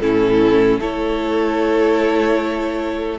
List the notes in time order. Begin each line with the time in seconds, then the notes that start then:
0.00 A2 C#4 E4 A4
0.79 A3 E4 A4 C#5